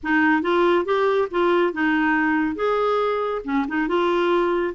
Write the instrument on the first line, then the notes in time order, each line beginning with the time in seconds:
clarinet
0.03 D#4
0.42 F4
0.85 G4
1.30 F4
1.73 D#4
2.55 G#4
3.44 C#4
3.67 D#4
3.87 F4